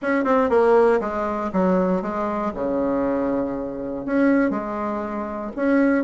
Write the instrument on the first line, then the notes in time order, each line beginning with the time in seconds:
bassoon
0.02 C#4
0.24 C4
0.49 A#3
1.00 G#3
1.52 F#3
2.01 G#3
2.54 C#3
4.05 C#4
4.50 G#3
5.56 C#4